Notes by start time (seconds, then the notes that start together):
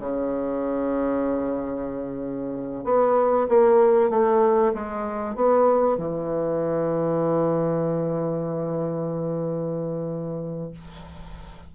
0.00 C#3
2.84 B3
3.49 A#3
4.10 A3
4.74 G#3
5.36 B3
5.98 E3